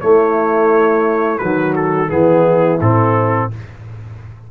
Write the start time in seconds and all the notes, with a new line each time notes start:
0.00 A3 E4 C#5
1.38 D#3 F#3 F#4 B4
1.76 A4
2.08 E3 B3 E4 G#4
2.81 A2 C4 A4